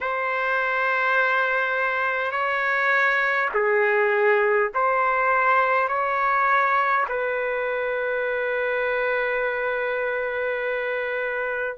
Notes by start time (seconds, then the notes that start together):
0.01 C5
2.31 C#5
3.53 G#4
4.74 C5
5.88 C#5
7.09 B4